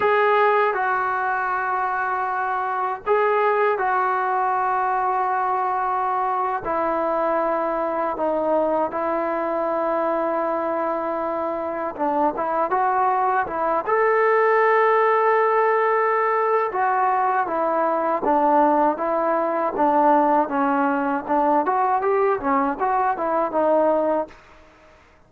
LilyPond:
\new Staff \with { instrumentName = "trombone" } { \time 4/4 \tempo 4 = 79 gis'4 fis'2. | gis'4 fis'2.~ | fis'8. e'2 dis'4 e'16~ | e'2.~ e'8. d'16~ |
d'16 e'8 fis'4 e'8 a'4.~ a'16~ | a'2 fis'4 e'4 | d'4 e'4 d'4 cis'4 | d'8 fis'8 g'8 cis'8 fis'8 e'8 dis'4 | }